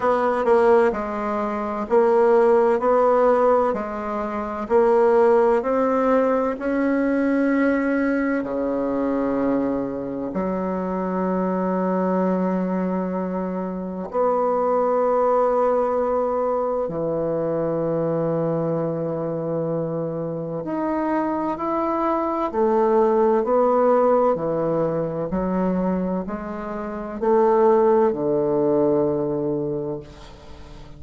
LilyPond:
\new Staff \with { instrumentName = "bassoon" } { \time 4/4 \tempo 4 = 64 b8 ais8 gis4 ais4 b4 | gis4 ais4 c'4 cis'4~ | cis'4 cis2 fis4~ | fis2. b4~ |
b2 e2~ | e2 dis'4 e'4 | a4 b4 e4 fis4 | gis4 a4 d2 | }